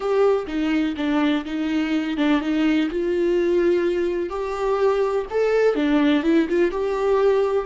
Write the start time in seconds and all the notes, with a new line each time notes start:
0.00 G4
0.47 D#4
0.96 D4
1.45 D#4
2.17 D4
2.40 D#4
2.90 F4
4.29 G4
5.30 A4
5.75 D4
6.23 E4
6.49 F4
6.71 G4